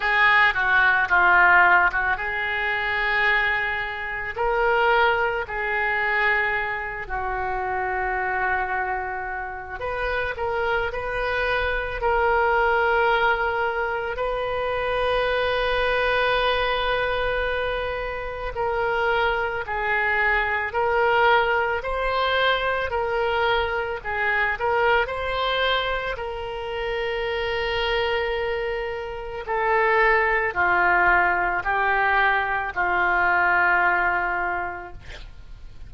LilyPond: \new Staff \with { instrumentName = "oboe" } { \time 4/4 \tempo 4 = 55 gis'8 fis'8 f'8. fis'16 gis'2 | ais'4 gis'4. fis'4.~ | fis'4 b'8 ais'8 b'4 ais'4~ | ais'4 b'2.~ |
b'4 ais'4 gis'4 ais'4 | c''4 ais'4 gis'8 ais'8 c''4 | ais'2. a'4 | f'4 g'4 f'2 | }